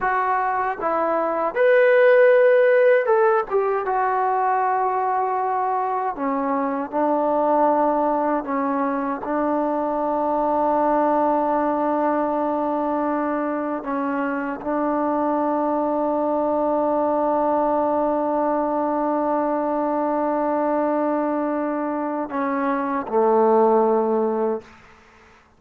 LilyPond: \new Staff \with { instrumentName = "trombone" } { \time 4/4 \tempo 4 = 78 fis'4 e'4 b'2 | a'8 g'8 fis'2. | cis'4 d'2 cis'4 | d'1~ |
d'2 cis'4 d'4~ | d'1~ | d'1~ | d'4 cis'4 a2 | }